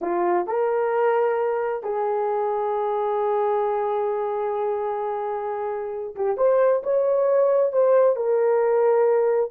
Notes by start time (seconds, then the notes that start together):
0.01 F4
0.46 A#4
1.83 G#4
6.15 G4
6.37 C5
6.83 C#5
7.72 C5
8.16 A#4